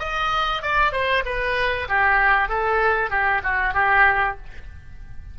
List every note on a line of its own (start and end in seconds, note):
0.00 0.62 D#5
0.63 0.93 D5
0.93 1.24 C5
1.26 1.88 B4
1.89 2.49 G4
2.49 3.11 A4
3.11 3.42 G4
3.44 3.74 F#4
3.74 4.37 G4